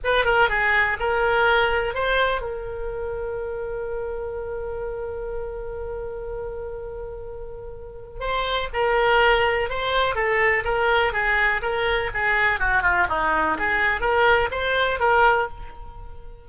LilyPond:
\new Staff \with { instrumentName = "oboe" } { \time 4/4 \tempo 4 = 124 b'8 ais'8 gis'4 ais'2 | c''4 ais'2.~ | ais'1~ | ais'1~ |
ais'4 c''4 ais'2 | c''4 a'4 ais'4 gis'4 | ais'4 gis'4 fis'8 f'8 dis'4 | gis'4 ais'4 c''4 ais'4 | }